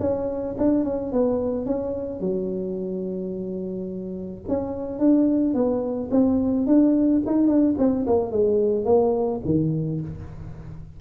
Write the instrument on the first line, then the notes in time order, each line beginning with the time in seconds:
tuba
0.00 C#4
0.58 D4
0.84 C#4
1.12 B3
1.66 C#4
2.20 F#3
4.48 C#4
4.99 D4
5.54 B3
6.11 C4
6.67 D4
7.27 D#4
7.47 D4
7.78 C4
8.07 A#3
8.32 G#3
8.85 A#3
9.45 D#3